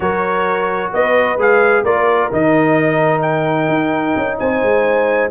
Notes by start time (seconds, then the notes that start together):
0.00 F#3 F#4 A#4 C#5
0.93 B3 B4 D#5
1.37 G#3 G#4 F5
1.83 A#3 F4 A#4 D5
2.31 D#3 D#4 D#5
3.22 G5
3.68 D#4
4.16 C#4
4.38 C4 C5 G#5
4.62 G#3